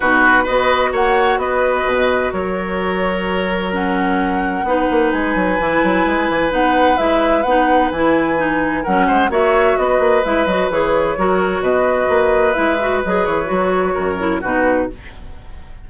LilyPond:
<<
  \new Staff \with { instrumentName = "flute" } { \time 4/4 \tempo 4 = 129 b'4 dis''4 fis''4 dis''4~ | dis''4 cis''2. | fis''2. gis''4~ | gis''2 fis''4 e''4 |
fis''4 gis''2 fis''4 | e''4 dis''4 e''8 dis''8 cis''4~ | cis''4 dis''2 e''4 | dis''8 cis''2~ cis''8 b'4 | }
  \new Staff \with { instrumentName = "oboe" } { \time 4/4 fis'4 b'4 cis''4 b'4~ | b'4 ais'2.~ | ais'2 b'2~ | b'1~ |
b'2. ais'8 c''8 | cis''4 b'2. | ais'4 b'2.~ | b'2 ais'4 fis'4 | }
  \new Staff \with { instrumentName = "clarinet" } { \time 4/4 dis'4 fis'2.~ | fis'1 | cis'2 dis'2 | e'2 dis'4 e'4 |
dis'4 e'4 dis'4 cis'4 | fis'2 e'8 fis'8 gis'4 | fis'2. e'8 fis'8 | gis'4 fis'4. e'8 dis'4 | }
  \new Staff \with { instrumentName = "bassoon" } { \time 4/4 b,4 b4 ais4 b4 | b,4 fis2.~ | fis2 b8 ais8 gis8 fis8 | e8 fis8 gis8 e8 b4 gis4 |
b4 e2 fis8 gis8 | ais4 b8 ais8 gis8 fis8 e4 | fis4 b,4 ais4 gis4 | fis8 e8 fis4 fis,4 b,4 | }
>>